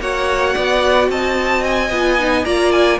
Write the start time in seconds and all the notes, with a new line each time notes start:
0.00 A#3 F#4 C#5 F#5
0.55 B3 D5
1.09 C4 D#5 A5
1.64 G#5
1.91 B3 F4
2.20 D#4
2.45 A#3 F4 D5 A#5
2.72 G#5